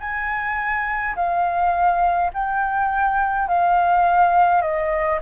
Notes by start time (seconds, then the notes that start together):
0.00 G#5
1.15 F5
2.33 G5
3.48 F5
4.62 D#5